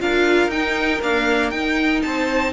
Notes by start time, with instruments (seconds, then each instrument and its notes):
0.00 cello D4, viola F4, violin A#4 F5
0.48 cello D#4, viola D#4, violin G5
1.01 viola A#3, cello D4, violin F5
1.51 cello D#4, viola D#4, violin G5
2.03 cello C4, violin C5 A5